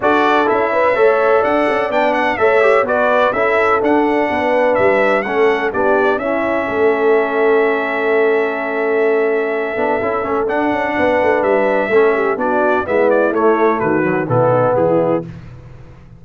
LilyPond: <<
  \new Staff \with { instrumentName = "trumpet" } { \time 4/4 \tempo 4 = 126 d''4 e''2 fis''4 | g''8 fis''8 e''4 d''4 e''4 | fis''2 e''4 fis''4 | d''4 e''2.~ |
e''1~ | e''2 fis''2 | e''2 d''4 e''8 d''8 | cis''4 b'4 a'4 gis'4 | }
  \new Staff \with { instrumentName = "horn" } { \time 4/4 a'4. b'8 cis''4 d''4~ | d''4 cis''4 b'4 a'4~ | a'4 b'2 a'4 | g'4 e'4 a'2~ |
a'1~ | a'2. b'4~ | b'4 a'8 g'8 fis'4 e'4~ | e'4 fis'4 e'8 dis'8 e'4 | }
  \new Staff \with { instrumentName = "trombone" } { \time 4/4 fis'4 e'4 a'2 | d'4 a'8 g'8 fis'4 e'4 | d'2. cis'4 | d'4 cis'2.~ |
cis'1~ | cis'8 d'8 e'8 cis'8 d'2~ | d'4 cis'4 d'4 b4 | a4. fis8 b2 | }
  \new Staff \with { instrumentName = "tuba" } { \time 4/4 d'4 cis'4 a4 d'8 cis'8 | b4 a4 b4 cis'4 | d'4 b4 g4 a4 | b4 cis'4 a2~ |
a1~ | a8 b8 cis'8 a8 d'8 cis'8 b8 a8 | g4 a4 b4 gis4 | a4 dis4 b,4 e4 | }
>>